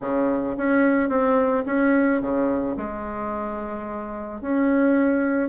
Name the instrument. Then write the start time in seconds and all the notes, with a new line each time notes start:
bassoon
0.01 C#3
0.57 C#4
1.09 C4
1.66 C#4
2.21 C#3
2.76 G#3
4.41 C#4